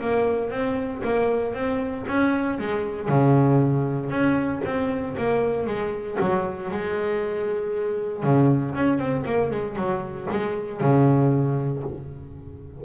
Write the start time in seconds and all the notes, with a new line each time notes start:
0.00 A#3
0.50 C4
1.04 A#3
1.54 C4
2.07 C#4
2.59 G#3
3.08 C#3
4.10 C#4
4.64 C4
5.17 A#3
5.66 G#3
6.20 F#3
6.71 G#3
8.23 C#3
8.75 C#4
8.98 C4
9.25 A#3
9.51 G#3
9.76 F#3
10.30 G#3
10.80 C#3